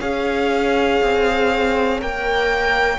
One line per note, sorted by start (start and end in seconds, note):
0.00 1.01 C#4
0.00 2.00 G#4
0.00 2.99 C#5
0.00 2.01 F5
1.02 2.02 C4
2.00 2.99 A#3
2.00 2.99 A#4
2.00 2.99 G5